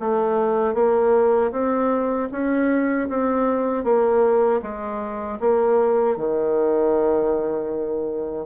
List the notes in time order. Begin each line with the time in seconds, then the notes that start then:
0.00 A3
0.75 A#3
1.52 C4
2.32 C#4
3.09 C4
3.85 A#3
4.63 G#3
5.41 A#3
6.17 D#3